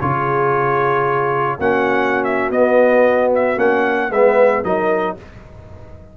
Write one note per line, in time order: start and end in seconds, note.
0.00 1.59 C#3
0.00 1.59 F4
0.00 1.59 G#4
0.00 1.59 C#5
1.59 2.50 A#3
1.59 2.52 C#4
1.59 4.10 F#4
1.59 2.24 F#5
2.24 2.51 E5
2.50 3.56 B3
2.50 3.31 D#5
3.35 3.59 E5
3.56 4.10 A#3
3.56 4.09 C#4
3.56 4.12 F#5
4.10 4.63 G#3
4.10 4.64 B3
4.10 4.63 B4
4.10 4.64 E5
4.63 5.17 F#3
4.63 5.17 D#4
4.63 5.16 A#4
4.63 5.17 D#5